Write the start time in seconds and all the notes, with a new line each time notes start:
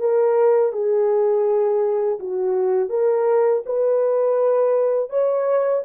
0.00 A#4
0.73 G#4
2.20 F#4
2.90 A#4
3.66 B4
5.10 C#5